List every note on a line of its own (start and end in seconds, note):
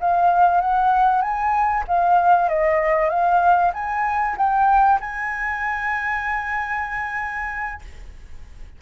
0.00 0.61 F5
0.61 1.21 F#5
1.21 1.84 G#5
1.88 2.49 F5
2.49 3.09 D#5
3.09 3.72 F5
3.74 4.36 G#5
4.37 4.99 G5
5.00 7.81 G#5